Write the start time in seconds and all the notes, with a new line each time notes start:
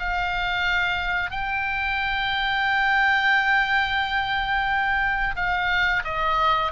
0.00 F5
1.31 G5
5.36 F5
6.05 D#5